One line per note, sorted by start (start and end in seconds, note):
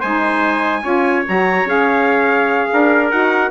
0.00 0.83 G#3
0.00 0.83 D#4
0.00 0.83 C5
0.00 1.25 G#5
0.83 1.25 C#4
0.83 1.25 F4
0.83 2.70 C#5
1.26 1.65 F#3
1.26 1.67 F#4
1.26 1.68 A#5
1.65 2.68 C#4
1.65 3.11 G#4
1.65 3.11 F5
2.73 3.13 D4
2.73 3.51 A#4
3.11 3.51 D#4
3.11 3.51 F#4
3.11 3.51 F#5